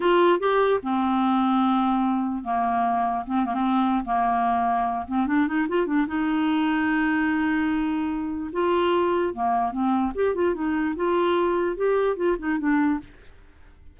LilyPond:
\new Staff \with { instrumentName = "clarinet" } { \time 4/4 \tempo 4 = 148 f'4 g'4 c'2~ | c'2 ais2 | c'8 ais16 c'4~ c'16 ais2~ | ais8 c'8 d'8 dis'8 f'8 d'8 dis'4~ |
dis'1~ | dis'4 f'2 ais4 | c'4 g'8 f'8 dis'4 f'4~ | f'4 g'4 f'8 dis'8 d'4 | }